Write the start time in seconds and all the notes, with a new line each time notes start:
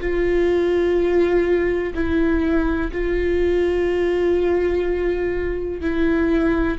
0.00 F4
1.94 E4
2.91 F4
5.81 E4